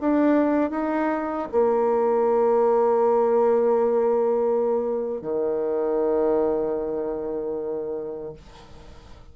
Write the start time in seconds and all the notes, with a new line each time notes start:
0.00 D4
0.70 D#4
1.52 A#3
5.21 D#3